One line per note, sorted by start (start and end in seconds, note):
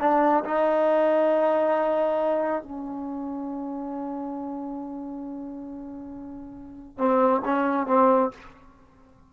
0.00 0.44 D4
0.45 2.63 D#4
2.63 6.98 C#4
6.98 7.42 C4
7.45 7.87 C#4
7.87 8.31 C4